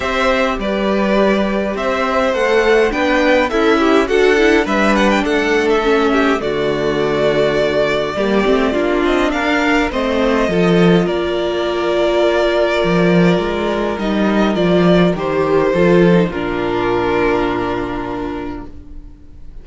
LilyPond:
<<
  \new Staff \with { instrumentName = "violin" } { \time 4/4 \tempo 4 = 103 e''4 d''2 e''4 | fis''4 g''4 e''4 fis''4 | e''8 fis''16 g''16 fis''8. e''4~ e''16 d''4~ | d''2.~ d''8 dis''8 |
f''4 dis''2 d''4~ | d''1 | dis''4 d''4 c''2 | ais'1 | }
  \new Staff \with { instrumentName = "violin" } { \time 4/4 c''4 b'2 c''4~ | c''4 b'4 e'4 a'4 | b'4 a'4. g'8 fis'4~ | fis'2 g'4 f'4 |
ais'4 c''4 a'4 ais'4~ | ais'1~ | ais'2. a'4 | f'1 | }
  \new Staff \with { instrumentName = "viola" } { \time 4/4 g'1 | a'4 d'4 a'8 g'8 fis'8 e'8 | d'2 cis'4 a4~ | a2 ais8 c'8 d'4~ |
d'4 c'4 f'2~ | f'1 | dis'4 f'4 g'4 f'8. dis'16 | d'1 | }
  \new Staff \with { instrumentName = "cello" } { \time 4/4 c'4 g2 c'4 | a4 b4 cis'4 d'4 | g4 a2 d4~ | d2 g8 a8 ais8 c'8 |
d'4 a4 f4 ais4~ | ais2 f4 gis4 | g4 f4 dis4 f4 | ais,1 | }
>>